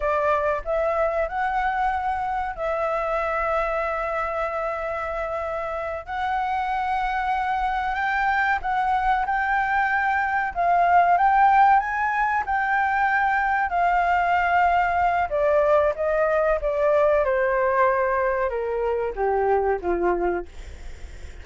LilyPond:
\new Staff \with { instrumentName = "flute" } { \time 4/4 \tempo 4 = 94 d''4 e''4 fis''2 | e''1~ | e''4. fis''2~ fis''8~ | fis''8 g''4 fis''4 g''4.~ |
g''8 f''4 g''4 gis''4 g''8~ | g''4. f''2~ f''8 | d''4 dis''4 d''4 c''4~ | c''4 ais'4 g'4 f'4 | }